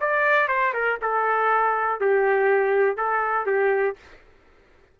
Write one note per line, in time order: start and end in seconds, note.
0.00 0.48 D5
0.48 0.73 C5
0.73 0.98 A#4
1.02 2.00 A4
2.00 2.97 G4
2.97 3.46 A4
3.46 3.96 G4